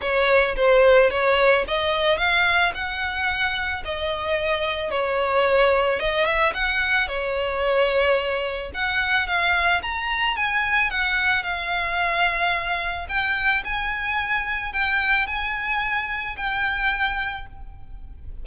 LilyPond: \new Staff \with { instrumentName = "violin" } { \time 4/4 \tempo 4 = 110 cis''4 c''4 cis''4 dis''4 | f''4 fis''2 dis''4~ | dis''4 cis''2 dis''8 e''8 | fis''4 cis''2. |
fis''4 f''4 ais''4 gis''4 | fis''4 f''2. | g''4 gis''2 g''4 | gis''2 g''2 | }